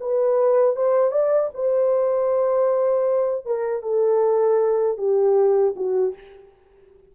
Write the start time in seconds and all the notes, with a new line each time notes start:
0.00 B4
0.76 C5
1.11 D5
1.54 C5
3.45 A#4
3.83 A4
4.98 G4
5.76 F#4